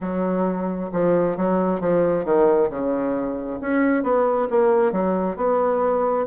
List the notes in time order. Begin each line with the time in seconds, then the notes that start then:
0.00 F#3
0.92 F3
1.36 F#3
1.80 F3
2.24 D#3
2.70 C#3
3.61 C#4
4.03 B3
4.50 A#3
4.91 F#3
5.36 B3